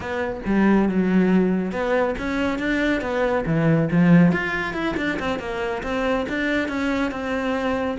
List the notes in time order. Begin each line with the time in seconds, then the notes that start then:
0.00 B3
0.45 G3
0.88 F#3
1.71 B3
2.18 C#4
2.59 D4
3.01 B3
3.46 E3
3.91 F3
4.32 F4
4.73 E4
4.96 D4
5.19 C4
5.39 A#3
5.83 C4
6.29 D4
6.68 C#4
7.11 C4